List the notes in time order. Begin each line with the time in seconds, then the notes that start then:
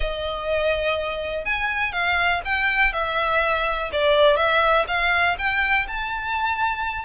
0.00 D#5
1.45 G#5
1.92 F5
2.44 G5
2.92 E5
3.92 D5
4.36 E5
4.87 F5
5.38 G5
5.87 A5